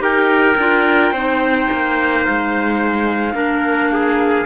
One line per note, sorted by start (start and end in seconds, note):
0.00 0.56 D#4
0.00 0.56 G4
0.00 1.13 A#4
0.00 2.25 G5
0.57 1.12 D4
0.57 1.16 F4
1.12 1.68 C4
1.12 3.34 D#4
1.12 3.35 C5
1.72 2.28 A#3
2.25 3.35 G#3
2.25 4.46 F5
3.34 4.46 A#3
3.34 4.46 D4
3.34 3.91 A#4
3.93 4.46 G#4